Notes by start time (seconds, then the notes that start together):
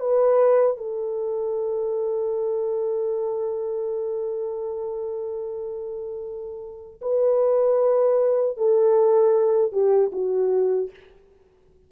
0.00 B4
0.77 A4
7.01 B4
8.57 A4
9.72 G4
10.12 F#4